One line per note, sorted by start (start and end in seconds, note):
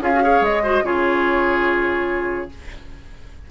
0.00 0.41 C#4
0.00 0.12 F4
0.00 0.23 G#4
0.00 0.44 F5
0.14 0.22 F#4
0.22 0.63 G#4
0.22 0.63 C#5
0.41 0.82 G#3
0.41 0.85 D#5
0.63 0.83 F#4
0.63 0.83 C5
0.83 2.50 C#3
0.83 2.49 F4
0.83 2.50 G#4
0.83 2.50 C#5